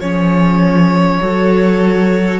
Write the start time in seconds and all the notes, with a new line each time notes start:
0.00 F3 C#4 G#4 C#5
1.21 F#3 F#4 A4